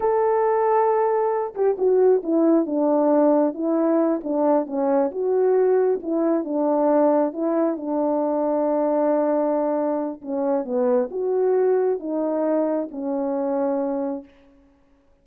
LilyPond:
\new Staff \with { instrumentName = "horn" } { \time 4/4 \tempo 4 = 135 a'2.~ a'8 g'8 | fis'4 e'4 d'2 | e'4. d'4 cis'4 fis'8~ | fis'4. e'4 d'4.~ |
d'8 e'4 d'2~ d'8~ | d'2. cis'4 | b4 fis'2 dis'4~ | dis'4 cis'2. | }